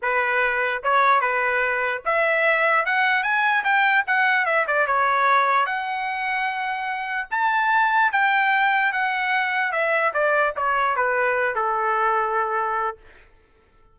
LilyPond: \new Staff \with { instrumentName = "trumpet" } { \time 4/4 \tempo 4 = 148 b'2 cis''4 b'4~ | b'4 e''2 fis''4 | gis''4 g''4 fis''4 e''8 d''8 | cis''2 fis''2~ |
fis''2 a''2 | g''2 fis''2 | e''4 d''4 cis''4 b'4~ | b'8 a'2.~ a'8 | }